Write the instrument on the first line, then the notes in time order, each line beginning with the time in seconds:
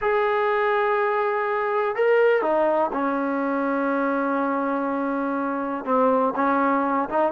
trombone
0.01 G#4
1.95 A#4
2.42 D#4
2.92 C#4
5.84 C4
6.35 C#4
7.09 D#4